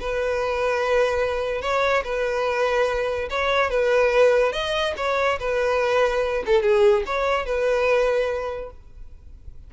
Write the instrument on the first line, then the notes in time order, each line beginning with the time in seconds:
violin
0.00 B4
1.62 C#5
2.04 B4
3.30 C#5
3.70 B4
4.52 D#5
4.97 C#5
5.40 B4
6.46 A4
6.62 G#4
7.06 C#5
7.46 B4